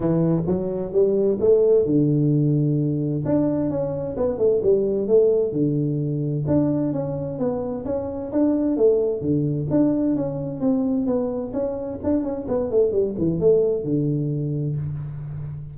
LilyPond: \new Staff \with { instrumentName = "tuba" } { \time 4/4 \tempo 4 = 130 e4 fis4 g4 a4 | d2. d'4 | cis'4 b8 a8 g4 a4 | d2 d'4 cis'4 |
b4 cis'4 d'4 a4 | d4 d'4 cis'4 c'4 | b4 cis'4 d'8 cis'8 b8 a8 | g8 e8 a4 d2 | }